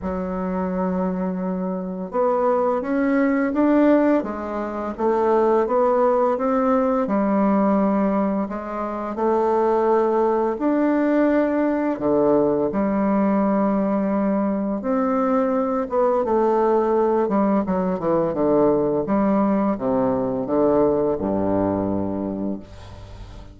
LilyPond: \new Staff \with { instrumentName = "bassoon" } { \time 4/4 \tempo 4 = 85 fis2. b4 | cis'4 d'4 gis4 a4 | b4 c'4 g2 | gis4 a2 d'4~ |
d'4 d4 g2~ | g4 c'4. b8 a4~ | a8 g8 fis8 e8 d4 g4 | c4 d4 g,2 | }